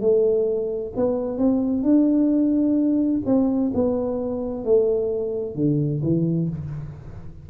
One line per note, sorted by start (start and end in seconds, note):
0.00 0.92 A3
0.96 1.38 B3
1.38 1.83 C4
1.83 3.21 D4
3.25 3.71 C4
3.73 4.64 B3
4.64 5.55 A3
5.55 6.01 D3
6.02 6.48 E3